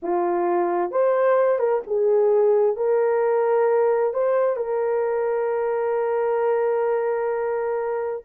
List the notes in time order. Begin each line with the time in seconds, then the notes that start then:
0.02 F4
0.91 C5
1.58 A#4
1.86 G#4
2.76 A#4
4.13 C5
4.56 A#4